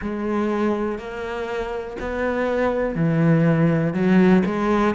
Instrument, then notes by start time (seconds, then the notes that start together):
cello
0.01 G#3
0.98 A#3
1.99 B3
2.95 E3
3.93 F#3
4.45 G#3